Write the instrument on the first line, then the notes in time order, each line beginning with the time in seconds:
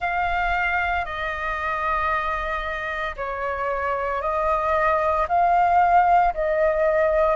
flute
0.00 F5
1.05 D#5
3.16 C#5
4.21 D#5
5.28 F5
6.33 D#5